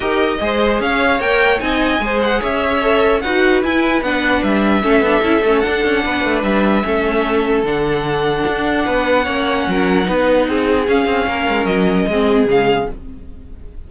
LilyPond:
<<
  \new Staff \with { instrumentName = "violin" } { \time 4/4 \tempo 4 = 149 dis''2 f''4 g''4 | gis''4. fis''8 e''2 | fis''4 gis''4 fis''4 e''4~ | e''2 fis''2 |
e''2. fis''4~ | fis''1~ | fis''2. f''4~ | f''4 dis''2 f''4 | }
  \new Staff \with { instrumentName = "violin" } { \time 4/4 ais'4 c''4 cis''2 | dis''4 c''4 cis''2 | b'1 | a'2. b'4~ |
b'4 a'2.~ | a'2 b'4 cis''4 | ais'4 b'4 gis'2 | ais'2 gis'2 | }
  \new Staff \with { instrumentName = "viola" } { \time 4/4 g'4 gis'2 ais'4 | dis'4 gis'2 a'4 | fis'4 e'4 d'2 | cis'8 d'8 e'8 cis'8 d'2~ |
d'4 cis'2 d'4~ | d'2. cis'4~ | cis'4 dis'2 cis'4~ | cis'2 c'4 gis4 | }
  \new Staff \with { instrumentName = "cello" } { \time 4/4 dis'4 gis4 cis'4 ais4 | c'4 gis4 cis'2 | dis'4 e'4 b4 g4 | a8 b8 cis'8 a8 d'8 cis'8 b8 a8 |
g4 a2 d4~ | d4 d'4 b4 ais4 | fis4 b4 c'4 cis'8 c'8 | ais8 gis8 fis4 gis4 cis4 | }
>>